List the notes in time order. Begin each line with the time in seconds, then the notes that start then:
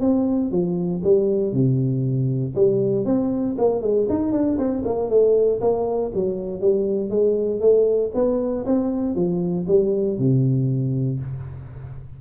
0.00 C4
0.51 F3
1.04 G3
1.53 C3
2.55 G3
3.05 C4
3.58 A#3
3.81 G#3
4.09 D#4
4.32 D4
4.58 C4
4.84 A#3
5.09 A3
5.61 A#3
6.14 F#3
6.60 G3
7.10 G#3
7.60 A3
8.14 B3
8.65 C4
9.15 F3
9.67 G3
10.18 C3